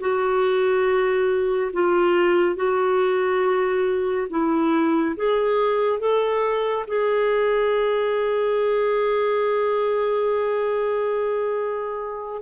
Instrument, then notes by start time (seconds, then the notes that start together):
clarinet
0.00 F#4
1.73 F4
2.56 F#4
4.30 E4
5.16 G#4
6.00 A4
6.87 G#4